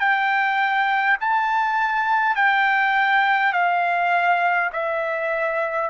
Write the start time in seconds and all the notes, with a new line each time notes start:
0.00 G5
1.21 A5
2.36 G5
3.53 F5
4.73 E5